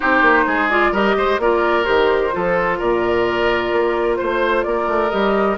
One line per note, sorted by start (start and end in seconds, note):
0.00 0.21 C4
0.00 0.70 D#4
0.00 0.44 G4
0.00 0.69 C5
0.21 0.44 A#3
0.47 0.91 G#3
0.47 0.92 G#4
0.69 0.93 F4
0.69 0.93 D5
0.91 1.15 G3
0.91 1.40 G4
0.91 1.15 A#4
0.91 1.39 D#5
1.16 1.38 G#3
1.16 1.41 C5
1.38 1.84 A#3
1.38 1.84 F4
1.38 2.34 A#4
1.38 1.84 D5
1.84 2.34 D#3
1.84 2.31 G4
1.84 2.77 C5
2.32 2.80 F3
2.32 5.10 F4
2.32 2.78 A4
2.78 3.72 A#2
2.78 4.18 A#4
2.78 4.16 D5
3.72 4.19 A#3
4.16 4.65 A3
4.16 4.63 C5
4.16 4.65 C5
4.63 4.87 A#3
4.63 5.57 A#4
4.63 5.09 D5
4.87 5.11 A3
5.09 5.57 G3
5.09 5.56 G4
5.09 5.56 D#5